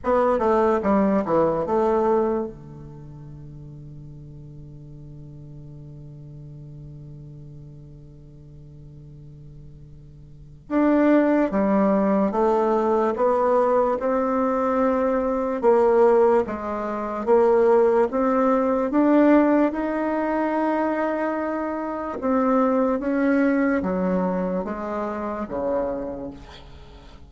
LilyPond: \new Staff \with { instrumentName = "bassoon" } { \time 4/4 \tempo 4 = 73 b8 a8 g8 e8 a4 d4~ | d1~ | d1~ | d4 d'4 g4 a4 |
b4 c'2 ais4 | gis4 ais4 c'4 d'4 | dis'2. c'4 | cis'4 fis4 gis4 cis4 | }